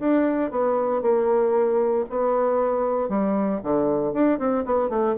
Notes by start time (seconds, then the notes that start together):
0.00 D4
0.51 B3
1.02 A#3
2.10 B3
3.09 G3
3.63 D3
4.13 D4
4.39 C4
4.66 B3
4.90 A3